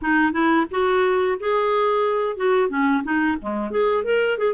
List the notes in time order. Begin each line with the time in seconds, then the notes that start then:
0.01 D#4
0.32 E4
0.70 F#4
1.39 G#4
2.36 F#4
2.69 C#4
3.03 D#4
3.41 G#3
3.70 G#4
4.04 A#4
4.38 G#4